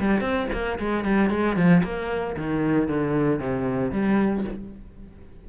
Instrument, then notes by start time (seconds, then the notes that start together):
cello
0.00 G3
0.21 C4
0.53 A#3
0.79 G#3
1.05 G3
1.30 G#3
1.57 F3
1.84 A#3
2.37 D#3
2.89 D3
3.40 C3
3.92 G3